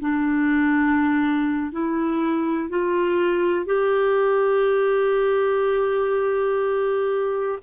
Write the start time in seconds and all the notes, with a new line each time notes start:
0.00 D4
1.72 E4
2.70 F4
3.66 G4